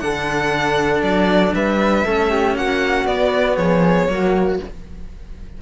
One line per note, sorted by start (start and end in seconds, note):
0.00 1.03 D3
0.00 2.04 D4
0.00 1.56 A4
0.00 1.02 F#5
1.03 1.53 F#3
1.03 1.54 D5
1.55 2.06 G3
1.55 2.06 B4
1.55 2.57 E5
2.06 2.56 A3
2.06 3.07 C#4
2.06 2.31 A4
2.31 2.56 G4
2.56 3.06 A#3
2.56 3.58 F#4
2.56 3.07 F#5
3.06 3.56 B3
3.06 4.08 B3
3.06 3.57 D5
3.57 4.08 F3
3.57 4.09 G#4
3.57 4.58 C#5
4.08 4.60 F#3
4.08 4.59 A#3
4.08 4.62 F#4